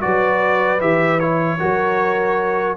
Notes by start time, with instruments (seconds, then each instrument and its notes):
0.00 tuba F#3, trombone F#4, horn B4, trumpet D5
0.79 tuba E3, trombone G4, trumpet E5
1.19 trombone E4, trumpet C#5
1.59 tuba F#3, trombone F#4, horn A#4